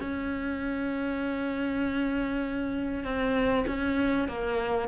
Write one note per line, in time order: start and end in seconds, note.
0.00 3.04 C#4
3.04 3.65 C4
3.67 4.28 C#4
4.28 4.88 A#3